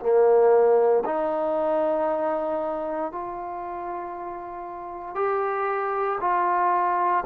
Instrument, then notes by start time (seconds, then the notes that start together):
trombone
0.00 A#3
1.05 D#4
3.12 F4
5.15 G4
6.21 F4